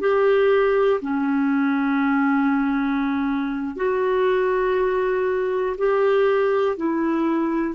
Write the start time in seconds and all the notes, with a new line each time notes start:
0.00 G4
1.01 C#4
3.76 F#4
5.77 G4
6.76 E4